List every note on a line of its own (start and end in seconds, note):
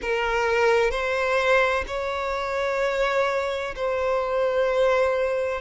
0.01 0.90 A#4
0.90 1.84 C5
1.87 3.75 C#5
3.75 5.61 C5